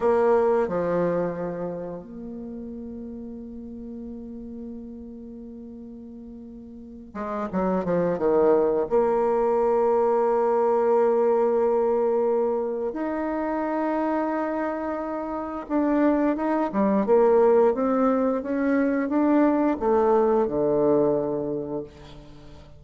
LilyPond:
\new Staff \with { instrumentName = "bassoon" } { \time 4/4 \tempo 4 = 88 ais4 f2 ais4~ | ais1~ | ais2~ ais8 gis8 fis8 f8 | dis4 ais2.~ |
ais2. dis'4~ | dis'2. d'4 | dis'8 g8 ais4 c'4 cis'4 | d'4 a4 d2 | }